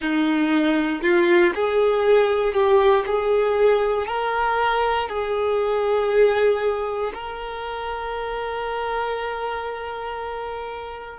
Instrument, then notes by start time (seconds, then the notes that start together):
violin
0.01 D#4
1.02 F4
1.54 G#4
2.53 G4
3.06 G#4
4.07 A#4
5.08 G#4
7.14 A#4